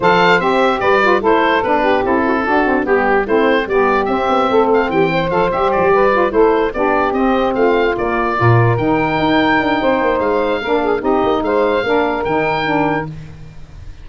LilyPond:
<<
  \new Staff \with { instrumentName = "oboe" } { \time 4/4 \tempo 4 = 147 f''4 e''4 d''4 c''4 | b'4 a'2 g'4 | c''4 d''4 e''4. f''8 | g''4 f''8 e''8 d''4. c''8~ |
c''8 d''4 dis''4 f''4 d''8~ | d''4. g''2~ g''8~ | g''4 f''2 dis''4 | f''2 g''2 | }
  \new Staff \with { instrumentName = "saxophone" } { \time 4/4 c''2 b'4 a'4~ | a'8 g'4 fis'16 e'16 fis'4 g'4 | e'4 g'2 a'4 | g'8 c''2 b'4 a'8~ |
a'8 g'2 f'4.~ | f'8 ais'2.~ ais'8 | c''2 ais'8 gis'8 g'4 | c''4 ais'2. | }
  \new Staff \with { instrumentName = "saxophone" } { \time 4/4 a'4 g'4. f'8 e'4 | d'4 e'4 d'8 c'8 b4 | c'4 b4 c'2~ | c'4 a'8 g'4. f'8 e'8~ |
e'8 d'4 c'2 ais8~ | ais8 f'4 dis'2~ dis'8~ | dis'2 d'4 dis'4~ | dis'4 d'4 dis'4 d'4 | }
  \new Staff \with { instrumentName = "tuba" } { \time 4/4 f4 c'4 g4 a4 | b4 c'4 d'4 g4 | a4 g4 c'8 b8 a4 | e4 f8 g8 f16 g4~ g16 a8~ |
a8 b4 c'4 a4 ais8~ | ais8 ais,4 dis4 dis'4 d'8 | c'8 ais8 gis4 ais4 c'8 ais8 | gis4 ais4 dis2 | }
>>